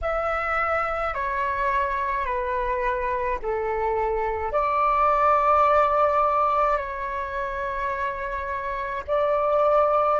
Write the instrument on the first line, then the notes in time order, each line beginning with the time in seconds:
flute
0.01 E5
1.13 C#5
2.25 B4
3.42 A4
4.52 D5
6.77 C#5
9.07 D5